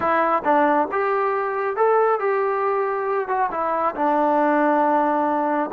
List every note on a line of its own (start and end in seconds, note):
0.00 0.42 E4
0.44 0.88 D4
0.91 1.76 G4
1.76 2.19 A4
2.19 3.27 G4
3.27 3.49 F#4
3.51 3.94 E4
3.95 5.70 D4